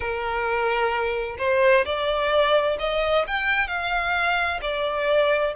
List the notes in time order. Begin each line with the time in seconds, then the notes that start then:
0.00 A#4
1.38 C5
1.85 D5
2.79 D#5
3.27 G5
3.67 F5
4.61 D5